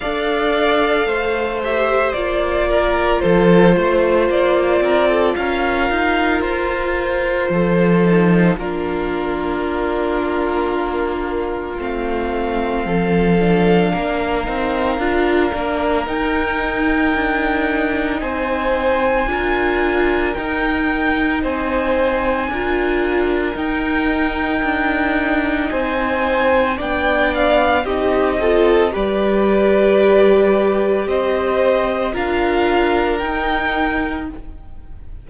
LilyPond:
<<
  \new Staff \with { instrumentName = "violin" } { \time 4/4 \tempo 4 = 56 f''4. e''8 d''4 c''4 | d''4 f''4 c''2 | ais'2. f''4~ | f''2. g''4~ |
g''4 gis''2 g''4 | gis''2 g''2 | gis''4 g''8 f''8 dis''4 d''4~ | d''4 dis''4 f''4 g''4 | }
  \new Staff \with { instrumentName = "violin" } { \time 4/4 d''4 c''4. ais'8 a'8 c''8~ | c''8 ais'16 a'16 ais'2 a'4 | f'1 | a'4 ais'2.~ |
ais'4 c''4 ais'2 | c''4 ais'2. | c''4 d''4 g'8 a'8 b'4~ | b'4 c''4 ais'2 | }
  \new Staff \with { instrumentName = "viola" } { \time 4/4 a'4. g'8 f'2~ | f'2.~ f'8 dis'8 | d'2. c'4~ | c'8 d'4 dis'8 f'8 d'8 dis'4~ |
dis'2 f'4 dis'4~ | dis'4 f'4 dis'2~ | dis'4 d'4 dis'8 f'8 g'4~ | g'2 f'4 dis'4 | }
  \new Staff \with { instrumentName = "cello" } { \time 4/4 d'4 a4 ais4 f8 a8 | ais8 c'8 cis'8 dis'8 f'4 f4 | ais2. a4 | f4 ais8 c'8 d'8 ais8 dis'4 |
d'4 c'4 d'4 dis'4 | c'4 d'4 dis'4 d'4 | c'4 b4 c'4 g4~ | g4 c'4 d'4 dis'4 | }
>>